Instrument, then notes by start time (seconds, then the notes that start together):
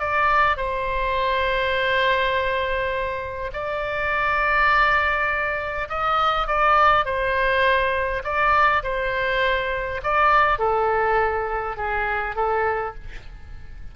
oboe
0.00 D5
0.57 C5
3.53 D5
5.89 D#5
6.48 D5
7.05 C5
8.25 D5
8.84 C5
10.04 D5
10.59 A4
11.77 G#4
12.36 A4